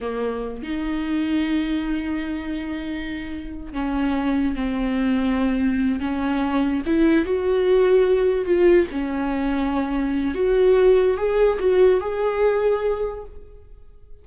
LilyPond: \new Staff \with { instrumentName = "viola" } { \time 4/4 \tempo 4 = 145 ais4. dis'2~ dis'8~ | dis'1~ | dis'4 cis'2 c'4~ | c'2~ c'8 cis'4.~ |
cis'8 e'4 fis'2~ fis'8~ | fis'8 f'4 cis'2~ cis'8~ | cis'4 fis'2 gis'4 | fis'4 gis'2. | }